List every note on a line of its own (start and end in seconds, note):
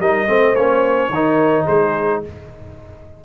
0.00 0.28 G3
0.00 0.28 D#4
0.00 0.28 A#4
0.00 0.56 D#5
0.28 0.54 A3
0.28 0.56 C4
0.28 1.13 C5
0.54 1.10 A#3
0.54 1.13 C#4
0.54 1.66 C#5
1.10 1.65 D#3
1.10 2.25 D#4
1.10 1.65 A#4
1.65 2.24 G#3
1.65 2.20 G#4
1.65 2.22 C5